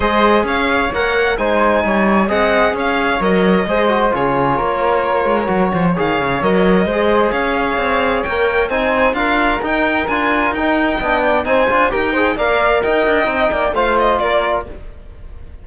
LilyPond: <<
  \new Staff \with { instrumentName = "violin" } { \time 4/4 \tempo 4 = 131 dis''4 f''4 fis''4 gis''4~ | gis''4 fis''4 f''4 dis''4~ | dis''4 cis''2.~ | cis''4 f''4 dis''2 |
f''2 g''4 gis''4 | f''4 g''4 gis''4 g''4~ | g''4 gis''4 g''4 f''4 | g''2 f''8 dis''8 d''4 | }
  \new Staff \with { instrumentName = "flute" } { \time 4/4 c''4 cis''2 c''4 | cis''4 dis''4 cis''2 | c''4 gis'4 ais'2~ | ais'8 c''8 cis''2 c''4 |
cis''2. c''4 | ais'1 | dis''8 d''8 c''4 ais'8 c''8 d''4 | dis''4. d''8 c''4 ais'4 | }
  \new Staff \with { instrumentName = "trombone" } { \time 4/4 gis'2 ais'4 dis'4~ | dis'4 gis'2 ais'4 | gis'8 fis'8 f'2. | fis'4 gis'4 ais'4 gis'4~ |
gis'2 ais'4 dis'4 | f'4 dis'4 f'4 dis'4 | d'4 dis'8 f'8 g'8 gis'8 ais'4~ | ais'4 dis'4 f'2 | }
  \new Staff \with { instrumentName = "cello" } { \time 4/4 gis4 cis'4 ais4 gis4 | g4 c'4 cis'4 fis4 | gis4 cis4 ais4. gis8 | fis8 f8 dis8 cis8 fis4 gis4 |
cis'4 c'4 ais4 c'4 | d'4 dis'4 d'4 dis'4 | b4 c'8 d'8 dis'4 ais4 | dis'8 d'8 c'8 ais8 a4 ais4 | }
>>